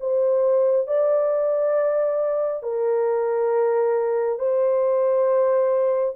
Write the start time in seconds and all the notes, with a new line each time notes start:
0.00 C5
0.87 D5
2.63 A#4
4.39 C5